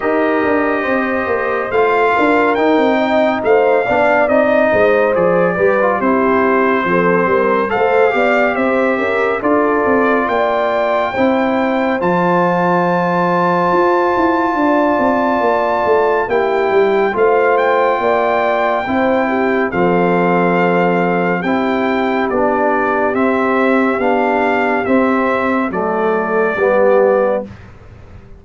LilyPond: <<
  \new Staff \with { instrumentName = "trumpet" } { \time 4/4 \tempo 4 = 70 dis''2 f''4 g''4 | f''4 dis''4 d''4 c''4~ | c''4 f''4 e''4 d''4 | g''2 a''2~ |
a''2. g''4 | f''8 g''2~ g''8 f''4~ | f''4 g''4 d''4 e''4 | f''4 e''4 d''2 | }
  \new Staff \with { instrumentName = "horn" } { \time 4/4 ais'4 c''4. ais'4 dis''8 | c''8 d''4 c''4 b'8 g'4 | a'8 ais'8 c''8 d''8 c''8 ais'8 a'4 | d''4 c''2.~ |
c''4 d''2 g'4 | c''4 d''4 c''8 g'8 a'4~ | a'4 g'2.~ | g'2 a'4 g'4 | }
  \new Staff \with { instrumentName = "trombone" } { \time 4/4 g'2 f'4 dis'4~ | dis'8 d'8 dis'4 gis'8 g'16 f'16 e'4 | c'4 a'8 g'4. f'4~ | f'4 e'4 f'2~ |
f'2. e'4 | f'2 e'4 c'4~ | c'4 e'4 d'4 c'4 | d'4 c'4 a4 b4 | }
  \new Staff \with { instrumentName = "tuba" } { \time 4/4 dis'8 d'8 c'8 ais8 a8 d'8 dis'16 c'8. | a8 b8 c'8 gis8 f8 g8 c'4 | f8 g8 a8 b8 c'8 cis'8 d'8 c'8 | ais4 c'4 f2 |
f'8 e'8 d'8 c'8 ais8 a8 ais8 g8 | a4 ais4 c'4 f4~ | f4 c'4 b4 c'4 | b4 c'4 fis4 g4 | }
>>